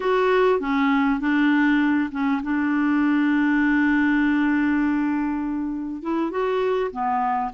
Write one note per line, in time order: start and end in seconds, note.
0.00 0.60 F#4
0.60 1.20 C#4
1.20 2.10 D4
2.11 2.41 C#4
2.42 6.02 D4
6.02 6.31 E4
6.31 6.91 F#4
6.91 7.51 B3